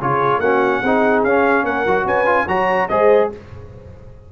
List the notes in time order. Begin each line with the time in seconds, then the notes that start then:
0.00 C#3 F4 G#4 C#5
0.39 A#3 C#4 F#4 F#5
0.81 C4 D#4 G#4
1.24 C#4 F5
1.64 A#3 A#4 F#5
1.87 F#3 F#4
2.05 C#4 B4 G#5
2.26 F4
2.48 F#3 F#4 C#5 A#5
2.89 G#3 G#4 C5 D#5